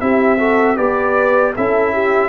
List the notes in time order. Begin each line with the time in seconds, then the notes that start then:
0.00 C4 E4 G4 E5
0.39 F#4 A4
0.77 B3 G4 B4 D5
1.55 C#4 E4 A4 E5
1.93 G4